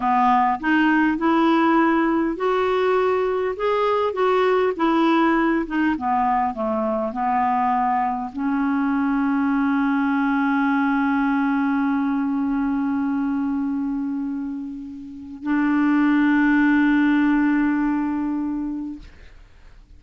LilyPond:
\new Staff \with { instrumentName = "clarinet" } { \time 4/4 \tempo 4 = 101 b4 dis'4 e'2 | fis'2 gis'4 fis'4 | e'4. dis'8 b4 a4 | b2 cis'2~ |
cis'1~ | cis'1~ | cis'2 d'2~ | d'1 | }